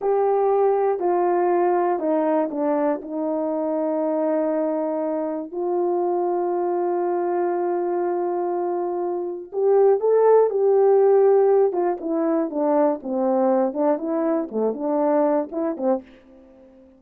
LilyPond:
\new Staff \with { instrumentName = "horn" } { \time 4/4 \tempo 4 = 120 g'2 f'2 | dis'4 d'4 dis'2~ | dis'2. f'4~ | f'1~ |
f'2. g'4 | a'4 g'2~ g'8 f'8 | e'4 d'4 c'4. d'8 | e'4 a8 d'4. e'8 c'8 | }